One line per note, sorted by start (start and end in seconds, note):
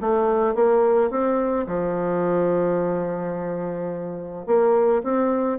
0.00 0.55 A3
0.55 1.10 A#3
1.10 1.66 C4
1.66 4.46 F3
4.46 5.02 A#3
5.03 5.58 C4